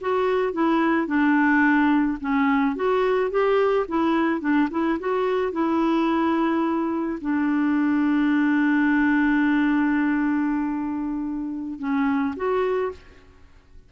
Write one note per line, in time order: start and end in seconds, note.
0.00 0.53 F#4
0.53 1.07 E4
1.07 2.18 D4
2.20 2.76 C#4
2.76 3.30 F#4
3.30 3.86 G4
3.88 4.40 E4
4.40 4.68 D4
4.70 4.98 E4
4.99 5.52 F#4
5.52 7.18 E4
7.21 11.79 D4
11.79 12.34 C#4
12.36 12.92 F#4